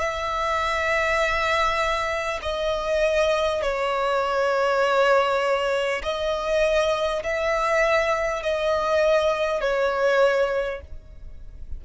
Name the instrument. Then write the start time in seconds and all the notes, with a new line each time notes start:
violin
0.00 E5
2.43 D#5
3.63 C#5
6.03 D#5
7.23 E5
8.43 D#5
9.61 C#5